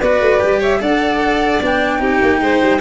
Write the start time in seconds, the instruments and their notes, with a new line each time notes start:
0.00 tuba B3, cello F#4, violin B4, flute D5
0.20 tuba A3
0.40 tuba G3, cello G4
0.59 violin C#5, flute E5
0.79 tuba D4, cello A4, violin D5, flute F#5
1.61 tuba B3, cello D4, flute G5
1.99 tuba C4, cello D#4, violin G4
2.21 tuba A#3
2.40 tuba G#3, violin C5
2.62 tuba G3